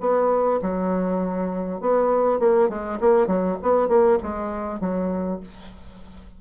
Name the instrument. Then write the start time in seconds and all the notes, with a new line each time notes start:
bassoon
0.00 B3
0.61 F#3
1.80 B3
2.39 A#3
2.69 G#3
3.00 A#3
3.27 F#3
3.62 B3
3.88 A#3
4.22 G#3
4.80 F#3